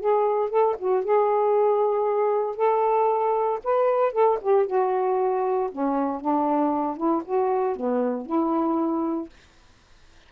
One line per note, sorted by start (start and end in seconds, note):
0.00 0.50 G#4
0.50 0.76 A4
0.79 1.04 F#4
1.04 2.56 G#4
2.56 3.60 A4
3.64 4.13 B4
4.13 4.38 A4
4.42 4.67 G4
4.67 5.70 F#4
5.72 6.21 C#4
6.21 6.97 D4
6.97 7.23 E4
7.25 7.76 F#4
7.76 8.26 B3
8.26 9.29 E4